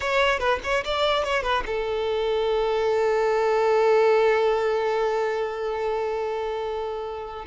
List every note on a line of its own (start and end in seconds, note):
0.00 0.39 C#5
0.39 0.59 B4
0.63 0.84 C#5
0.85 1.24 D5
1.24 1.43 C#5
1.43 1.63 B4
1.66 7.45 A4